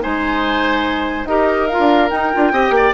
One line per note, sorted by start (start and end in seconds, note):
0.00 1.24 G#3
0.00 1.26 D#4
0.00 1.28 C5
0.00 1.26 G#5
1.24 1.77 D#4
1.24 1.69 G4
1.24 2.53 A#4
1.24 1.67 D#5
1.67 2.09 F4
1.67 2.09 F5
1.78 2.10 D4
2.09 2.30 D#4
2.09 2.32 D#4
2.09 2.93 G5
2.33 2.52 D4
2.33 2.52 F4
2.52 2.70 C4
2.52 2.94 G4
2.52 2.74 D#5
2.70 2.91 A#3
2.76 2.94 D5